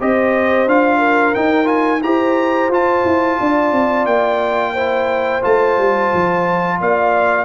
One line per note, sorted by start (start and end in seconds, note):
0.00 0.66 C4
0.00 0.69 G4
0.00 0.99 C5
0.00 0.69 D#5
0.66 1.35 D4
0.66 1.36 F4
0.66 1.35 F5
0.99 2.01 A#4
1.35 1.65 D#4
1.35 2.03 D#4
1.35 1.68 G5
1.65 1.99 F4
1.65 2.02 G#5
2.03 2.69 E4
2.03 2.72 G4
2.03 3.41 C5
2.03 2.71 A#5
2.69 3.04 F4
2.69 4.76 F4
2.69 4.06 A5
3.05 3.39 E4
3.40 3.72 D4
3.40 4.74 D5
3.72 4.06 C4
4.06 5.42 A#3
4.06 5.43 G5
4.74 5.42 E4
4.74 6.79 C5
5.42 5.78 A3
5.42 7.46 F4
5.42 6.81 A5
5.78 6.12 G3
6.14 6.81 F3
6.81 7.46 A#3
6.81 7.46 D5
6.81 7.46 F5